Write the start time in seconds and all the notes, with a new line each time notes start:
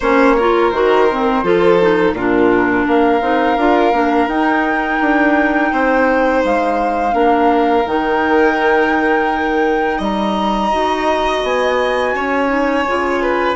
0.00 A#3 C#4 C5 C#5
0.37 F4 A#4
0.70 D#3 F#4 C5
1.11 C4
1.42 F3 F4 A4
1.79 D#4
2.12 A#2 D4 F4 A#4
2.86 A#3 A#4 F5
3.21 C4 D#4
3.57 D4 F4
3.92 A#3 D4
4.27 D#4 G5
5.00 D4
5.71 C4 C5
6.44 G#3 F5
7.11 A#3 D4 A#4
7.85 D#3 D#4 G5
9.98 G3 D#5 A#5
10.70 D#4 F#4
11.43 B3 G#5
12.14 C#4 C#5
12.47 D#4
12.87 C#3 F4
13.22 B4